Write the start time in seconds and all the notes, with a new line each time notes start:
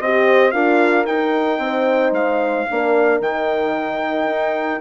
0.00 C4 G4 C5 D#5
0.51 D4 F4 A#4 F5
1.06 D#4 G5
1.58 C4 C5
2.12 G#3 F5
2.69 A#3 D4 A#4
3.20 D#3 D#4 G5
4.26 D#4